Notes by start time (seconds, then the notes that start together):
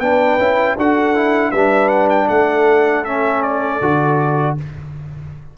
0.00 B3 D4 B4 G5
0.39 C#4 E4
0.77 D4 F#4 A4 F#5
1.16 E4
1.52 G3 D4 B4 E5
1.89 F#5
2.10 G5
2.28 A3 A4 F#5
3.05 C#4 E5
3.43 D5
3.82 D3 F#4